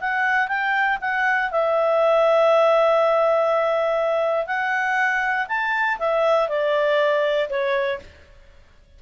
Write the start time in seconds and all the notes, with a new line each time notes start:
0.00 F#5
0.48 G5
1.01 F#5
1.51 E5
4.47 F#5
5.48 A5
5.99 E5
6.48 D5
7.49 C#5